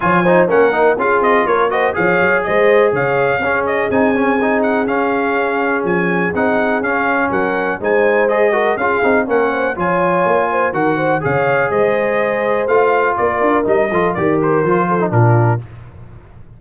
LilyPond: <<
  \new Staff \with { instrumentName = "trumpet" } { \time 4/4 \tempo 4 = 123 gis''4 fis''4 f''8 dis''8 cis''8 dis''8 | f''4 dis''4 f''4. dis''8 | gis''4. fis''8 f''2 | gis''4 fis''4 f''4 fis''4 |
gis''4 dis''4 f''4 fis''4 | gis''2 fis''4 f''4 | dis''2 f''4 d''4 | dis''4 d''8 c''4. ais'4 | }
  \new Staff \with { instrumentName = "horn" } { \time 4/4 cis''8 c''8 ais'4 gis'4 ais'8 c''8 | cis''4 c''4 cis''4 gis'4~ | gis'1~ | gis'2. ais'4 |
c''4. ais'8 gis'4 ais'8 c''8 | cis''4. c''8 ais'8 c''8 cis''4 | c''2. ais'4~ | ais'8 a'8 ais'4. a'8 f'4 | }
  \new Staff \with { instrumentName = "trombone" } { \time 4/4 f'8 dis'8 cis'8 dis'8 f'4. fis'8 | gis'2. cis'4 | dis'8 cis'8 dis'4 cis'2~ | cis'4 dis'4 cis'2 |
dis'4 gis'8 fis'8 f'8 dis'8 cis'4 | f'2 fis'4 gis'4~ | gis'2 f'2 | dis'8 f'8 g'4 f'8. dis'16 d'4 | }
  \new Staff \with { instrumentName = "tuba" } { \time 4/4 f4 ais4 cis'8 c'8 ais4 | f8 fis8 gis4 cis4 cis'4 | c'2 cis'2 | f4 c'4 cis'4 fis4 |
gis2 cis'8 c'8 ais4 | f4 ais4 dis4 cis4 | gis2 a4 ais8 d'8 | g8 f8 dis4 f4 ais,4 | }
>>